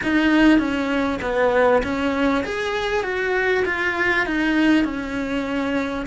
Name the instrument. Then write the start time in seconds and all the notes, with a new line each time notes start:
cello
0.03 D#4
0.58 C#4
1.21 B3
1.83 C#4
2.44 G#4
3.03 F#4
3.65 F4
4.26 D#4
4.84 C#4